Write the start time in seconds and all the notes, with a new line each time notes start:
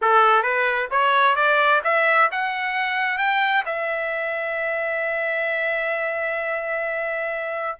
0.01 A4
0.42 B4
0.90 C#5
1.35 D5
1.84 E5
2.31 F#5
3.17 G5
3.65 E5